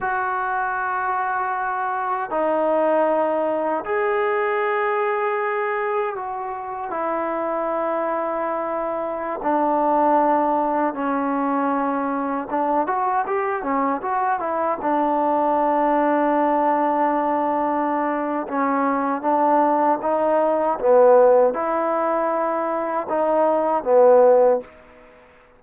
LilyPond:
\new Staff \with { instrumentName = "trombone" } { \time 4/4 \tempo 4 = 78 fis'2. dis'4~ | dis'4 gis'2. | fis'4 e'2.~ | e'16 d'2 cis'4.~ cis'16~ |
cis'16 d'8 fis'8 g'8 cis'8 fis'8 e'8 d'8.~ | d'1 | cis'4 d'4 dis'4 b4 | e'2 dis'4 b4 | }